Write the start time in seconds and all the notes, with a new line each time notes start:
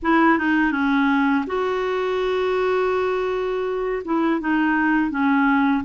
0.02 E4
0.38 D#4
0.71 C#4
1.46 F#4
4.04 E4
4.40 D#4
5.10 C#4